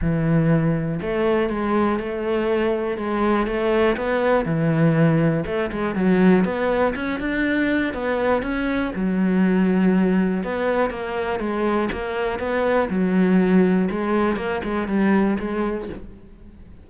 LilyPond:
\new Staff \with { instrumentName = "cello" } { \time 4/4 \tempo 4 = 121 e2 a4 gis4 | a2 gis4 a4 | b4 e2 a8 gis8 | fis4 b4 cis'8 d'4. |
b4 cis'4 fis2~ | fis4 b4 ais4 gis4 | ais4 b4 fis2 | gis4 ais8 gis8 g4 gis4 | }